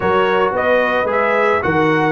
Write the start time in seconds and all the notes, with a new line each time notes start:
0.00 F#3 F#4 A#4 C#5
0.51 B3 B4 D#5
1.03 G#3 G#4
1.11 E5
1.61 D#3 F#4 A#4 F#5